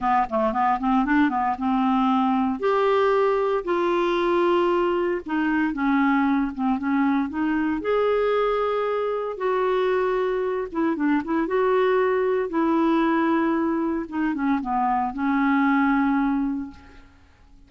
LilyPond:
\new Staff \with { instrumentName = "clarinet" } { \time 4/4 \tempo 4 = 115 b8 a8 b8 c'8 d'8 b8 c'4~ | c'4 g'2 f'4~ | f'2 dis'4 cis'4~ | cis'8 c'8 cis'4 dis'4 gis'4~ |
gis'2 fis'2~ | fis'8 e'8 d'8 e'8 fis'2 | e'2. dis'8 cis'8 | b4 cis'2. | }